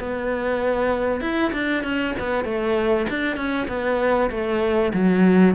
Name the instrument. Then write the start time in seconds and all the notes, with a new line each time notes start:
cello
0.00 B3
1.21 E4
1.53 D4
1.84 C#4
2.20 B3
2.45 A3
3.10 D4
3.37 C#4
3.68 B3
4.31 A3
4.94 F#3